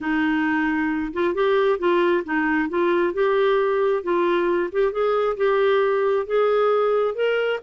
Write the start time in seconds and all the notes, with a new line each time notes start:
0.00 D#4
1.13 F4
1.34 G4
1.78 F4
2.24 D#4
2.69 F4
3.13 G4
4.03 F4
4.72 G4
4.91 G#4
5.36 G4
6.26 G#4
7.15 A#4